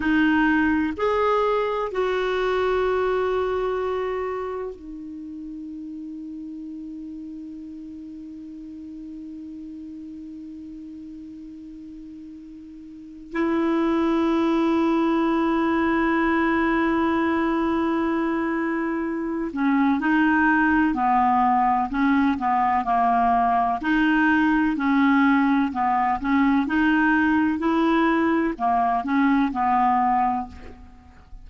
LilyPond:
\new Staff \with { instrumentName = "clarinet" } { \time 4/4 \tempo 4 = 63 dis'4 gis'4 fis'2~ | fis'4 dis'2.~ | dis'1~ | dis'2 e'2~ |
e'1~ | e'8 cis'8 dis'4 b4 cis'8 b8 | ais4 dis'4 cis'4 b8 cis'8 | dis'4 e'4 ais8 cis'8 b4 | }